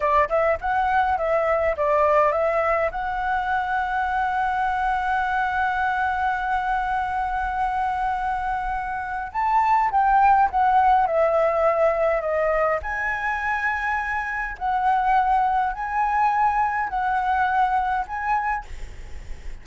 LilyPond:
\new Staff \with { instrumentName = "flute" } { \time 4/4 \tempo 4 = 103 d''8 e''8 fis''4 e''4 d''4 | e''4 fis''2.~ | fis''1~ | fis''1 |
a''4 g''4 fis''4 e''4~ | e''4 dis''4 gis''2~ | gis''4 fis''2 gis''4~ | gis''4 fis''2 gis''4 | }